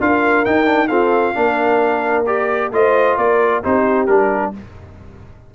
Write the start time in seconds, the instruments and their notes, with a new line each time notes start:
0.00 tuba D4, trombone F4, horn A#4, trumpet F5
0.45 trombone D#4, tuba D#4, trumpet G5
0.65 trombone D4
0.88 trombone C4, tuba F4, horn A4, trumpet F5
1.34 tuba A#3, trombone D4, horn A#4
2.26 trombone G4, trumpet D5
2.72 tuba A3, trombone F4, horn C5, trumpet D#5
3.17 tuba A#3, horn A#4, trumpet D5
3.63 tuba C4, trombone D#4, horn G4, trumpet C5
4.06 tuba G3, trombone D4, trumpet A#4